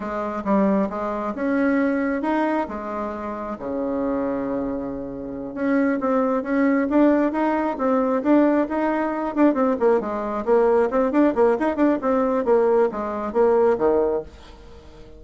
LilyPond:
\new Staff \with { instrumentName = "bassoon" } { \time 4/4 \tempo 4 = 135 gis4 g4 gis4 cis'4~ | cis'4 dis'4 gis2 | cis1~ | cis8 cis'4 c'4 cis'4 d'8~ |
d'8 dis'4 c'4 d'4 dis'8~ | dis'4 d'8 c'8 ais8 gis4 ais8~ | ais8 c'8 d'8 ais8 dis'8 d'8 c'4 | ais4 gis4 ais4 dis4 | }